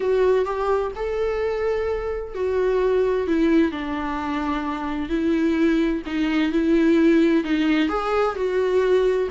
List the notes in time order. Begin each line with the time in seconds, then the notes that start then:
0.00 F#4
0.45 G4
0.95 A4
2.34 F#4
3.27 E4
3.71 D4
5.09 E4
6.06 D#4
6.51 E4
7.44 D#4
7.89 G#4
8.35 F#4